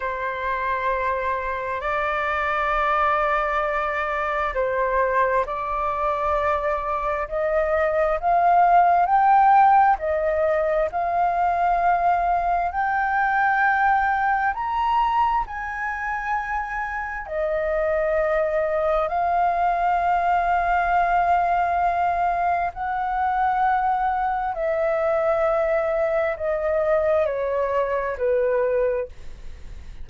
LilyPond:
\new Staff \with { instrumentName = "flute" } { \time 4/4 \tempo 4 = 66 c''2 d''2~ | d''4 c''4 d''2 | dis''4 f''4 g''4 dis''4 | f''2 g''2 |
ais''4 gis''2 dis''4~ | dis''4 f''2.~ | f''4 fis''2 e''4~ | e''4 dis''4 cis''4 b'4 | }